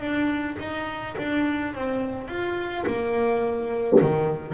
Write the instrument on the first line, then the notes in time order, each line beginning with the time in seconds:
double bass
0.00 D4
0.59 D#4
1.18 D4
1.74 C4
2.28 F4
2.86 A#3
4.01 D#3